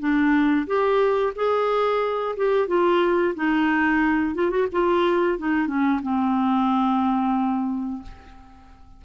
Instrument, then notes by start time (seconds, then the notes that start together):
clarinet
0.00 D4
0.67 G4
1.36 G#4
2.37 G4
2.68 F4
3.36 D#4
4.35 F4
4.51 F#4
4.72 F4
5.39 D#4
5.68 C#4
6.03 C4